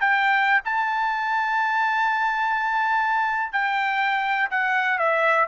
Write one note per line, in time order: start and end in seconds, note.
0.00 0.60 G5
0.64 3.52 A5
3.52 4.49 G5
4.50 4.98 F#5
4.98 5.46 E5